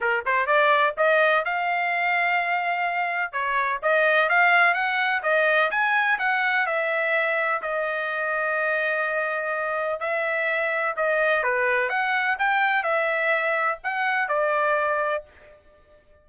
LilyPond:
\new Staff \with { instrumentName = "trumpet" } { \time 4/4 \tempo 4 = 126 ais'8 c''8 d''4 dis''4 f''4~ | f''2. cis''4 | dis''4 f''4 fis''4 dis''4 | gis''4 fis''4 e''2 |
dis''1~ | dis''4 e''2 dis''4 | b'4 fis''4 g''4 e''4~ | e''4 fis''4 d''2 | }